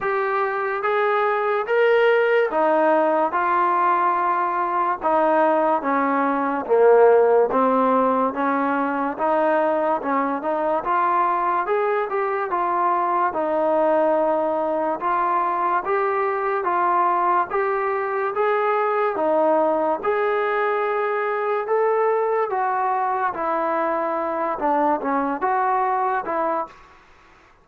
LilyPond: \new Staff \with { instrumentName = "trombone" } { \time 4/4 \tempo 4 = 72 g'4 gis'4 ais'4 dis'4 | f'2 dis'4 cis'4 | ais4 c'4 cis'4 dis'4 | cis'8 dis'8 f'4 gis'8 g'8 f'4 |
dis'2 f'4 g'4 | f'4 g'4 gis'4 dis'4 | gis'2 a'4 fis'4 | e'4. d'8 cis'8 fis'4 e'8 | }